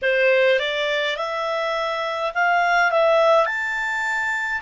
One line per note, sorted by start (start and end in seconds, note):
0.02 0.59 C5
0.59 1.16 D5
1.16 2.32 E5
2.34 2.91 F5
2.91 3.46 E5
3.46 4.61 A5